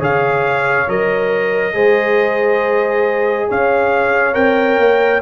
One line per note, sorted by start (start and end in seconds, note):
0.00 0.88 C#3
0.00 0.87 G#4
0.00 1.74 C#5
0.00 0.90 F5
0.88 1.74 F#3
0.88 1.73 A#4
0.88 3.51 D#5
1.73 3.48 G#3
1.73 4.34 G#4
1.73 3.49 C5
3.49 4.35 C#4
3.49 5.22 C#5
3.49 4.34 F5
4.34 4.79 C4
4.34 5.20 A#4
4.34 5.21 G5
4.79 5.22 A#3